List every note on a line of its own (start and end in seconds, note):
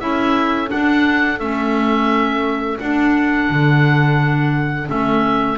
0.00 0.71 C#4
0.00 0.68 E4
0.00 5.58 A4
0.00 0.70 E5
0.68 1.37 D4
0.68 1.40 D4
0.68 1.40 F#5
1.40 2.80 A3
1.40 2.80 C#4
1.40 2.79 E5
2.80 4.87 D4
2.80 3.50 D4
2.80 4.89 F#5
3.50 4.90 D3
4.87 5.58 A3
4.87 5.57 C#4
4.87 5.58 E5